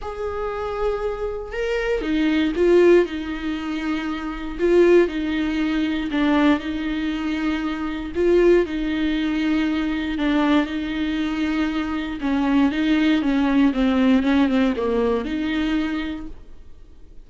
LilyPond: \new Staff \with { instrumentName = "viola" } { \time 4/4 \tempo 4 = 118 gis'2. ais'4 | dis'4 f'4 dis'2~ | dis'4 f'4 dis'2 | d'4 dis'2. |
f'4 dis'2. | d'4 dis'2. | cis'4 dis'4 cis'4 c'4 | cis'8 c'8 ais4 dis'2 | }